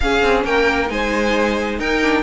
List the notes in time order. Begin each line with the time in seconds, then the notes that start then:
0.00 C#4 G#4 F5
0.22 C4
0.44 A#3 A#4 G5
0.86 G#3 D#4 C5 G#5
1.79 D#4 A#4 G5
2.02 D4